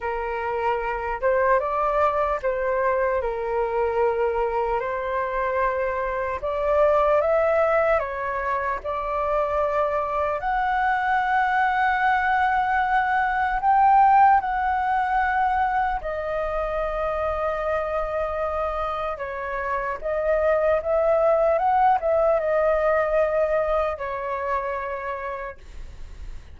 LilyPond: \new Staff \with { instrumentName = "flute" } { \time 4/4 \tempo 4 = 75 ais'4. c''8 d''4 c''4 | ais'2 c''2 | d''4 e''4 cis''4 d''4~ | d''4 fis''2.~ |
fis''4 g''4 fis''2 | dis''1 | cis''4 dis''4 e''4 fis''8 e''8 | dis''2 cis''2 | }